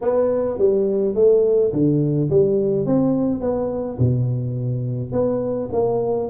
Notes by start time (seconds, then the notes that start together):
0.01 B3
0.58 G3
1.14 A3
1.72 D3
2.30 G3
2.86 C4
3.41 B3
3.98 B2
5.11 B3
5.72 A#3